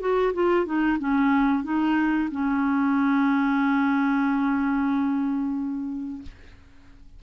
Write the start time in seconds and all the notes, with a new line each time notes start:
0.00 F#4
0.33 F4
0.66 D#4
0.99 C#4
1.64 D#4
2.31 C#4